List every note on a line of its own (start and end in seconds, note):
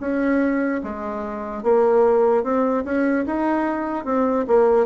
0.00 0.81 C#4
0.83 1.63 G#3
1.63 2.43 A#3
2.43 2.84 C4
2.85 3.25 C#4
3.26 4.05 D#4
4.05 4.46 C4
4.47 4.86 A#3